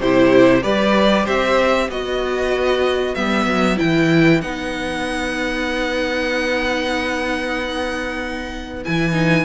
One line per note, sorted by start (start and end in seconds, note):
0.00 0.64 C3
0.00 0.62 E4
0.00 0.63 G4
0.00 0.63 C5
0.62 1.27 G3
0.62 1.88 G4
0.62 1.25 B4
0.62 1.26 D5
1.25 1.89 C4
1.25 1.87 C5
1.25 1.90 E5
1.87 3.15 B3
1.87 3.16 F#4
1.87 9.45 B4
1.87 3.15 D#5
3.15 3.46 G3
3.15 3.77 B3
3.15 3.78 E5
3.46 3.77 F#3
3.77 4.43 E3
3.77 4.40 E4
3.77 4.41 G5
4.41 8.85 B3
4.41 8.85 D#4
4.41 8.84 F#5
8.85 9.45 E3
8.85 9.12 E4
8.85 9.45 G#5
9.12 9.44 D#4